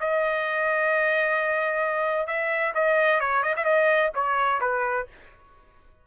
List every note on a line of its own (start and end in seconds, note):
0.00 2.27 D#5
2.27 2.73 E5
2.74 3.20 D#5
3.20 3.43 C#5
3.43 3.55 D#5
3.56 3.64 E5
3.64 4.11 D#5
4.15 4.60 C#5
4.60 5.07 B4